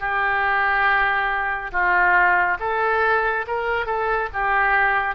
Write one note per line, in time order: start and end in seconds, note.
0.00 1.71 G4
1.72 2.58 F4
2.59 3.45 A4
3.47 3.86 A#4
3.86 4.29 A4
4.33 5.15 G4